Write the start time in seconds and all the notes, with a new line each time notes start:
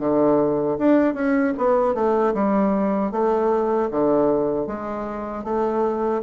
0.00 D3
0.79 D4
1.14 C#4
1.58 B3
1.95 A3
2.34 G3
3.12 A3
3.91 D3
4.67 G#3
5.44 A3